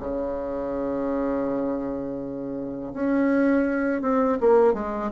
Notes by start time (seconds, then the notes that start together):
0.00 C#3
2.94 C#4
4.02 C4
4.40 A#3
4.74 G#3